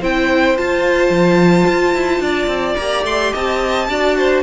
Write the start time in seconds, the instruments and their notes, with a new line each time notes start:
0.00 cello C4, viola E4, violin C5 G5
0.57 viola F4, cello F4, violin A5
1.10 cello F3
1.67 cello F4
1.94 cello E4
2.20 cello D4, violin D5
2.47 cello C4
2.76 cello A#3, viola G4, violin A#5
3.04 cello A3, violin C6
3.32 cello C4, violin D#5 A5
3.89 cello D4, viola F#4, violin D5
4.18 violin C5